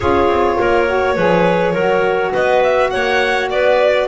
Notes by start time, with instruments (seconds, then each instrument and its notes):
0.00 double bass C#4, saxophone F4, clarinet G#4, violin C#5
0.28 double bass C4
0.58 double bass A#3, clarinet A#4
0.86 saxophone F#4
1.15 double bass F3, saxophone G#4, clarinet B4
1.73 double bass F#3, saxophone F#4, clarinet A#4
2.32 double bass B3, clarinet B4, violin D#5
2.63 violin E5
2.90 double bass A#3, clarinet C#5, violin F#5
3.50 double bass B3, clarinet B4, violin D5